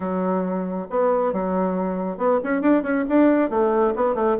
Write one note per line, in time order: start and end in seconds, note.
0.00 0.87 F#3
0.90 1.33 B3
1.33 2.17 F#3
2.17 2.39 B3
2.43 2.61 C#4
2.61 2.82 D4
2.82 3.04 C#4
3.08 3.50 D4
3.50 3.94 A3
3.95 4.14 B3
4.14 4.36 A3